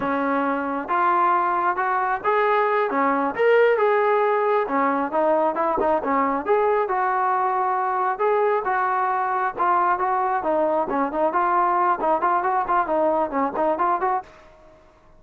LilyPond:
\new Staff \with { instrumentName = "trombone" } { \time 4/4 \tempo 4 = 135 cis'2 f'2 | fis'4 gis'4. cis'4 ais'8~ | ais'8 gis'2 cis'4 dis'8~ | dis'8 e'8 dis'8 cis'4 gis'4 fis'8~ |
fis'2~ fis'8 gis'4 fis'8~ | fis'4. f'4 fis'4 dis'8~ | dis'8 cis'8 dis'8 f'4. dis'8 f'8 | fis'8 f'8 dis'4 cis'8 dis'8 f'8 fis'8 | }